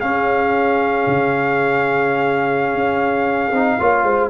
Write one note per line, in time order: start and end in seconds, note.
0.00 3.52 C#4
0.00 1.06 C#4
0.00 3.79 G#4
0.00 4.30 F5
1.07 2.75 C#3
2.75 3.52 C#4
3.52 3.78 C4
3.52 3.80 D#4
3.79 4.03 A#3
3.79 4.30 F4
3.79 4.04 C#5
4.03 4.29 G#3
4.03 4.30 C5